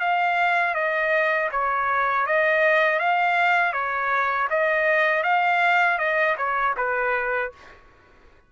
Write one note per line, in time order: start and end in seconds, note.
0.00 0.74 F5
0.74 1.49 D#5
1.51 2.26 C#5
2.26 2.99 D#5
2.99 3.73 F5
3.73 4.48 C#5
4.50 5.23 D#5
5.23 5.98 F5
5.99 6.36 D#5
6.38 6.75 C#5
6.77 7.52 B4